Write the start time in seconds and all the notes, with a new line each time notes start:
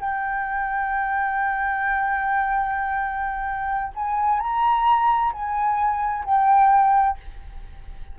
0.00 G5
3.95 G#5
4.40 A#5
5.32 G#5
6.25 G5